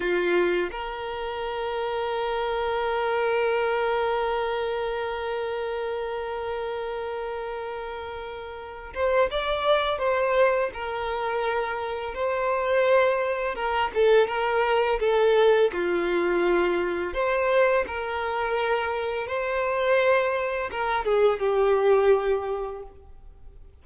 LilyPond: \new Staff \with { instrumentName = "violin" } { \time 4/4 \tempo 4 = 84 f'4 ais'2.~ | ais'1~ | ais'1~ | ais'8 c''8 d''4 c''4 ais'4~ |
ais'4 c''2 ais'8 a'8 | ais'4 a'4 f'2 | c''4 ais'2 c''4~ | c''4 ais'8 gis'8 g'2 | }